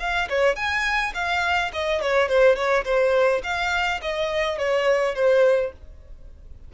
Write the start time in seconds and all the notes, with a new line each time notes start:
0.00 F5
0.30 C#5
0.56 G#5
1.15 F5
1.73 D#5
2.02 C#5
2.29 C5
2.56 C#5
2.85 C5
3.44 F5
4.02 D#5
4.58 C#5
5.15 C5